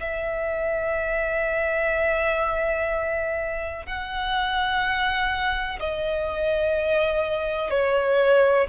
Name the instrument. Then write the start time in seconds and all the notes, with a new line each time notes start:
violin
0.00 E5
3.86 F#5
5.80 D#5
7.71 C#5